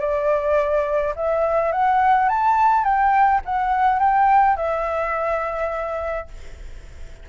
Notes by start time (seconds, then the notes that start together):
0.00 D5
1.16 E5
1.72 F#5
2.29 A5
2.84 G5
3.45 F#5
3.99 G5
4.57 E5